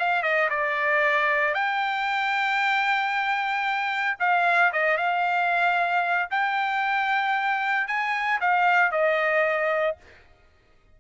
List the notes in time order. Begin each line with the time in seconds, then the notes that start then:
0.00 F5
0.23 D#5
0.50 D5
1.55 G5
4.20 F5
4.73 D#5
4.98 F5
6.31 G5
7.88 G#5
8.41 F5
8.92 D#5